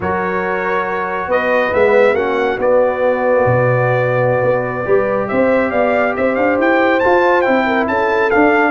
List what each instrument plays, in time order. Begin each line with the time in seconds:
0.00 tuba F#3, trombone F#4, horn A#4, trumpet C#5
1.27 tuba B3, horn B4, trumpet D#5
1.73 tuba G#3, trombone B3, trumpet E5
2.14 tuba A#3, trombone C#4, horn F#4, trumpet F#5
2.58 tuba B3, trombone B3, trumpet D5
3.45 tuba B2
4.42 tuba B3
4.85 tuba G3, trombone G4, horn B4
5.27 tuba C4, horn C5, trumpet E5
5.71 tuba B3, horn D5, trumpet F5
6.16 tuba C4, horn C5, trumpet E5
6.35 tuba D4, trumpet F5
6.58 tuba E4, trumpet G5
6.99 trombone F4, tuba F4, trumpet A5
7.41 tuba C4, trombone E4, trumpet G5
7.66 horn A#4
7.87 tuba C#4, horn A4, trumpet A5
8.30 trombone D4, tuba D4, trumpet F5